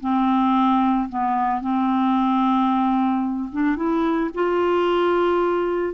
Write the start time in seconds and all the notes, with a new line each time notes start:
0.00 C4
1.09 B3
1.60 C4
3.52 D4
3.76 E4
4.34 F4